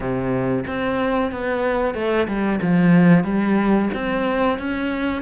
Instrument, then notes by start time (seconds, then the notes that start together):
cello
0.00 C3
0.67 C4
1.31 B3
1.94 A3
2.27 G3
2.61 F3
3.23 G3
3.94 C4
4.58 C#4